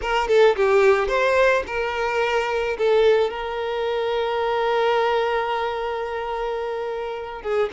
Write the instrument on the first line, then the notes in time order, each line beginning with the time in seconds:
violin
0.02 A#4
0.28 A4
0.56 G4
1.08 C5
1.67 A#4
2.78 A4
3.30 A#4
7.42 G#4